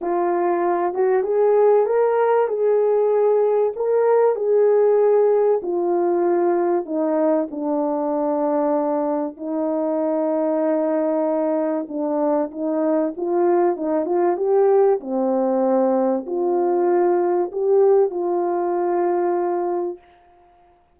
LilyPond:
\new Staff \with { instrumentName = "horn" } { \time 4/4 \tempo 4 = 96 f'4. fis'8 gis'4 ais'4 | gis'2 ais'4 gis'4~ | gis'4 f'2 dis'4 | d'2. dis'4~ |
dis'2. d'4 | dis'4 f'4 dis'8 f'8 g'4 | c'2 f'2 | g'4 f'2. | }